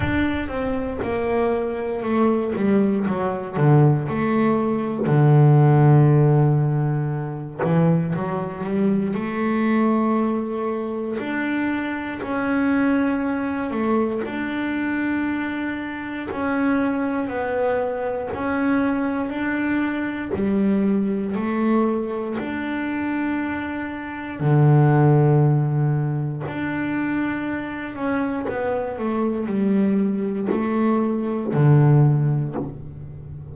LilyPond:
\new Staff \with { instrumentName = "double bass" } { \time 4/4 \tempo 4 = 59 d'8 c'8 ais4 a8 g8 fis8 d8 | a4 d2~ d8 e8 | fis8 g8 a2 d'4 | cis'4. a8 d'2 |
cis'4 b4 cis'4 d'4 | g4 a4 d'2 | d2 d'4. cis'8 | b8 a8 g4 a4 d4 | }